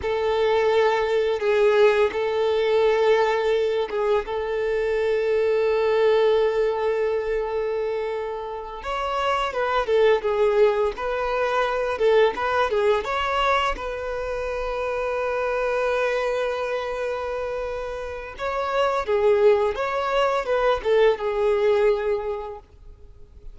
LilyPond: \new Staff \with { instrumentName = "violin" } { \time 4/4 \tempo 4 = 85 a'2 gis'4 a'4~ | a'4. gis'8 a'2~ | a'1~ | a'8 cis''4 b'8 a'8 gis'4 b'8~ |
b'4 a'8 b'8 gis'8 cis''4 b'8~ | b'1~ | b'2 cis''4 gis'4 | cis''4 b'8 a'8 gis'2 | }